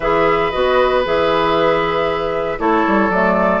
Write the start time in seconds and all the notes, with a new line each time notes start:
0.00 E3 G#4 B4 E5
0.51 B3 F#4 D#5
1.04 E3 G#4 E5
2.58 A3 E4 A4 C#5
2.86 G3
3.09 F#3 A3 D5